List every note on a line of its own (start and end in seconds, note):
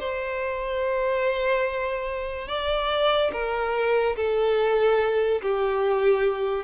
0.00 2.48 C5
2.48 3.31 D5
3.33 4.16 A#4
4.16 5.41 A4
5.42 6.64 G4